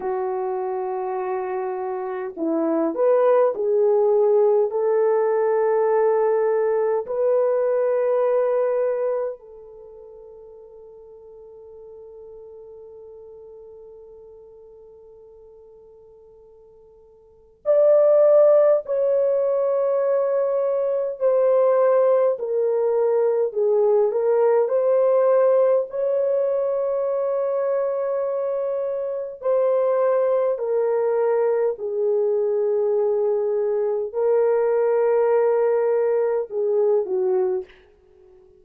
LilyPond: \new Staff \with { instrumentName = "horn" } { \time 4/4 \tempo 4 = 51 fis'2 e'8 b'8 gis'4 | a'2 b'2 | a'1~ | a'2. d''4 |
cis''2 c''4 ais'4 | gis'8 ais'8 c''4 cis''2~ | cis''4 c''4 ais'4 gis'4~ | gis'4 ais'2 gis'8 fis'8 | }